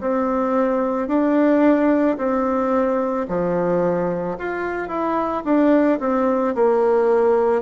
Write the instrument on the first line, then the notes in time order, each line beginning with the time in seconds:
bassoon
0.00 C4
1.08 D4
2.17 C4
3.28 F3
4.38 F4
4.88 E4
5.44 D4
6.00 C4
6.55 A#3